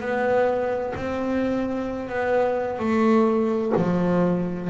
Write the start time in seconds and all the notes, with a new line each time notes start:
0.00 B3
0.96 C4
2.09 B3
2.79 A3
3.77 F3